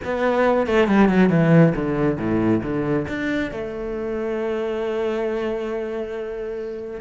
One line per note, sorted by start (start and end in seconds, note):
0.04 0.66 B3
0.66 0.87 A3
0.87 1.08 G3
1.08 1.29 F#3
1.29 1.73 E3
1.75 2.17 D3
2.17 2.61 A2
2.62 3.06 D3
3.08 3.51 D4
3.51 7.00 A3